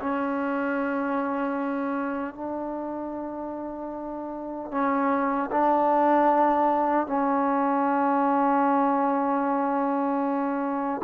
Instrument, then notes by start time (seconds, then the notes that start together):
trombone
0.00 C#4
2.35 D4
4.71 C#4
5.51 D4
7.07 C#4